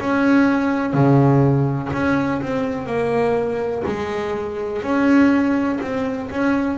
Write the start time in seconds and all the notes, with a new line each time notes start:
0.00 C#4
0.94 C#3
1.93 C#4
2.41 C4
2.86 A#3
3.87 G#3
4.83 C#4
5.82 C4
6.30 C#4